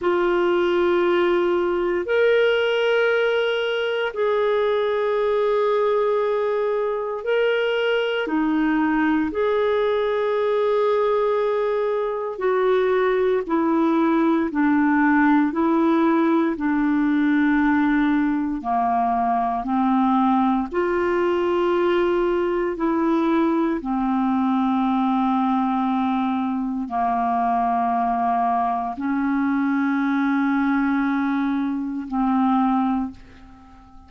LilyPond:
\new Staff \with { instrumentName = "clarinet" } { \time 4/4 \tempo 4 = 58 f'2 ais'2 | gis'2. ais'4 | dis'4 gis'2. | fis'4 e'4 d'4 e'4 |
d'2 ais4 c'4 | f'2 e'4 c'4~ | c'2 ais2 | cis'2. c'4 | }